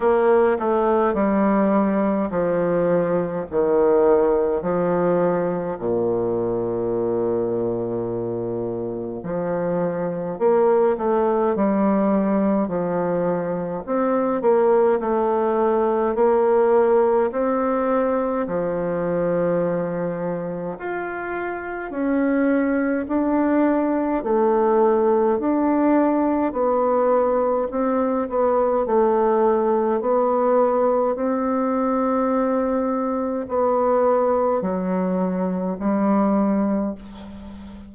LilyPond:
\new Staff \with { instrumentName = "bassoon" } { \time 4/4 \tempo 4 = 52 ais8 a8 g4 f4 dis4 | f4 ais,2. | f4 ais8 a8 g4 f4 | c'8 ais8 a4 ais4 c'4 |
f2 f'4 cis'4 | d'4 a4 d'4 b4 | c'8 b8 a4 b4 c'4~ | c'4 b4 fis4 g4 | }